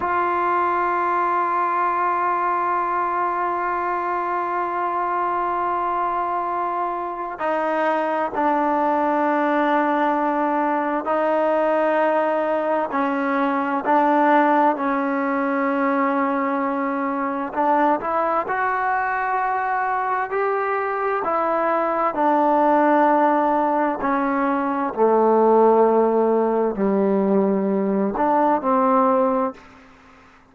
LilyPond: \new Staff \with { instrumentName = "trombone" } { \time 4/4 \tempo 4 = 65 f'1~ | f'1 | dis'4 d'2. | dis'2 cis'4 d'4 |
cis'2. d'8 e'8 | fis'2 g'4 e'4 | d'2 cis'4 a4~ | a4 g4. d'8 c'4 | }